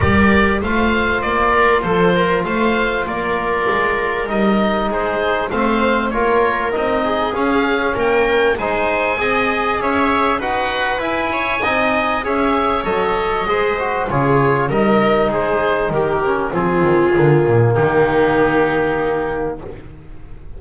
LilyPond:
<<
  \new Staff \with { instrumentName = "oboe" } { \time 4/4 \tempo 4 = 98 d''4 f''4 d''4 c''4 | f''4 d''2 dis''4 | c''4 f''4 cis''4 dis''4 | f''4 g''4 gis''2 |
e''4 fis''4 gis''2 | e''4 dis''2 cis''4 | dis''4 c''4 ais'4 gis'4~ | gis'4 g'2. | }
  \new Staff \with { instrumentName = "viola" } { \time 4/4 ais'4 c''4. ais'8 a'8 ais'8 | c''4 ais'2. | gis'4 c''4 ais'4. gis'8~ | gis'4 ais'4 c''4 dis''4 |
cis''4 b'4. cis''8 dis''4 | cis''2 c''4 gis'4 | ais'4 gis'4 g'4 f'4~ | f'4 dis'2. | }
  \new Staff \with { instrumentName = "trombone" } { \time 4/4 g'4 f'2.~ | f'2. dis'4~ | dis'4 c'4 f'4 dis'4 | cis'2 dis'4 gis'4~ |
gis'4 fis'4 e'4 dis'4 | gis'4 a'4 gis'8 fis'8 f'4 | dis'2~ dis'8 cis'8 c'4 | ais1 | }
  \new Staff \with { instrumentName = "double bass" } { \time 4/4 g4 a4 ais4 f4 | a4 ais4 gis4 g4 | gis4 a4 ais4 c'4 | cis'4 ais4 gis4 c'4 |
cis'4 dis'4 e'4 c'4 | cis'4 fis4 gis4 cis4 | g4 gis4 dis4 f8 dis8 | d8 ais,8 dis2. | }
>>